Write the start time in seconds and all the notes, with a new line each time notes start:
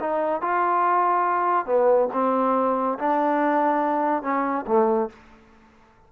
0.00 D#4
0.41 F4
1.66 B3
2.13 C4
2.98 D4
4.23 C#4
4.67 A3